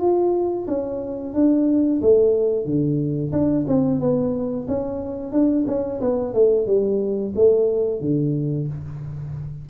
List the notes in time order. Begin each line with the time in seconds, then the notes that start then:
0.00 F4
0.68 C#4
1.34 D4
2.02 A3
2.65 D3
3.32 D4
3.68 C4
4.00 B3
4.68 C#4
5.32 D4
5.67 C#4
6.01 B3
6.34 A3
6.67 G3
7.35 A3
8.01 D3